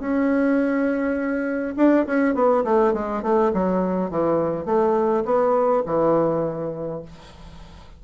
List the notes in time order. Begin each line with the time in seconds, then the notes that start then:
0.00 C#4
1.77 D4
2.06 C#4
2.35 B3
2.65 A3
2.94 G#3
3.23 A3
3.54 F#3
4.11 E3
4.66 A3
5.25 B3
5.86 E3